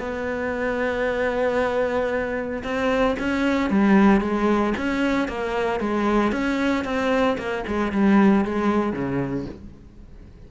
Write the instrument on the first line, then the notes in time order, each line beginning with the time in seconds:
cello
0.00 B3
2.64 C4
3.20 C#4
3.71 G3
4.21 G#3
4.78 C#4
5.28 A#3
5.80 G#3
6.32 C#4
6.85 C4
7.38 A#3
7.68 G#3
7.93 G3
8.45 G#3
8.93 C#3